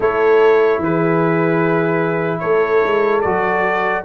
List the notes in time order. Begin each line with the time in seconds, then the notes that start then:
0.00 A3 E4 A4 C#5
0.78 E3 B4
0.85 G#4
2.39 A3 A4 C#5
2.83 G#3
3.21 F#3 F#4 D5